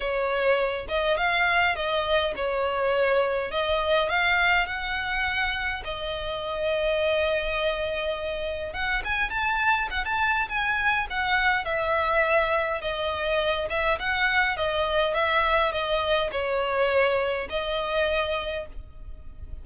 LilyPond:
\new Staff \with { instrumentName = "violin" } { \time 4/4 \tempo 4 = 103 cis''4. dis''8 f''4 dis''4 | cis''2 dis''4 f''4 | fis''2 dis''2~ | dis''2. fis''8 gis''8 |
a''4 fis''16 a''8. gis''4 fis''4 | e''2 dis''4. e''8 | fis''4 dis''4 e''4 dis''4 | cis''2 dis''2 | }